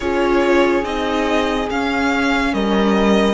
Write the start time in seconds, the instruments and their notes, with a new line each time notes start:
0.00 cello C#4, viola F4, horn G#4, violin C#5
0.83 cello C4, viola D#4, violin D#5
1.70 viola C#4, cello C#4, violin F5
2.53 cello G3, horn A#4, violin D#5